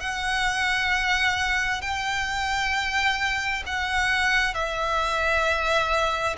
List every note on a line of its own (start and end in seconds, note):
0.00 1.82 F#5
1.82 3.64 G5
3.66 4.55 F#5
4.55 6.36 E5